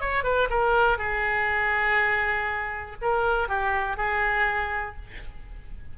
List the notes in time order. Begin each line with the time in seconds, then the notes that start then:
0.00 C#5
0.23 B4
0.50 A#4
0.98 G#4
3.02 A#4
3.48 G4
3.96 G#4